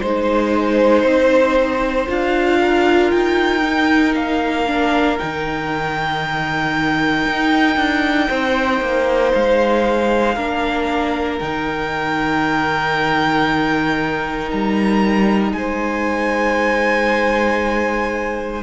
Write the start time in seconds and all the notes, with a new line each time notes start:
0.00 G#3 D#4 C5
1.03 C4
2.07 D4 F4 F5
2.60 A#4
3.11 D#4 G5
3.62 D#4
4.15 A#3 F5
4.66 D4
5.18 D#3 D#4 G5
7.25 D#4
7.76 D4
8.28 C4 C5
8.81 A#3
9.34 G#3 F5
10.35 A#3 D4 A#4
11.39 D#3 D#4 G5
14.51 G3 A#5
15.52 G#3 C5 G#5